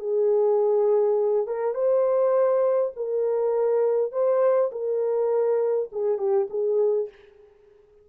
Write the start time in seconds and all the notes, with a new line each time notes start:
0.00 G#4
1.47 A#4
1.75 C5
2.96 A#4
4.12 C5
4.72 A#4
5.92 G#4
6.18 G4
6.50 G#4